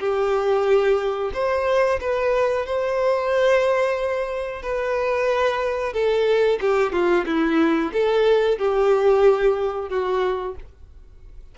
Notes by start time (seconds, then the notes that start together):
0.00 G4
1.34 C5
2.01 B4
2.66 C5
4.63 B4
5.94 A4
6.61 G4
6.93 F4
7.26 E4
7.93 A4
8.59 G4
9.90 F#4